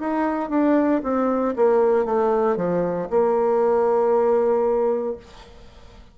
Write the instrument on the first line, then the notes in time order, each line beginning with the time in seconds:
bassoon
0.00 D#4
0.50 D4
1.03 C4
1.57 A#3
2.05 A3
2.57 F3
3.10 A#3